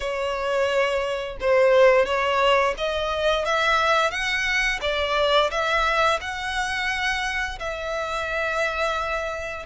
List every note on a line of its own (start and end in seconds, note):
0.00 1.37 C#5
1.40 2.05 C5
2.05 2.74 C#5
2.77 3.45 D#5
3.45 4.10 E5
4.10 4.79 F#5
4.81 5.50 D5
5.50 6.19 E5
6.20 7.58 F#5
7.59 9.66 E5